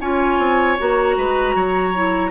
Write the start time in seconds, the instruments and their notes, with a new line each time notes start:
0.00 bassoon C#4, clarinet F4, oboe C#5, flute G#5
0.38 bassoon C4
0.78 bassoon A#3, clarinet F#4, flute A#5
1.17 bassoon G#3, oboe B4
1.54 bassoon F#3, oboe C#5
1.94 clarinet E4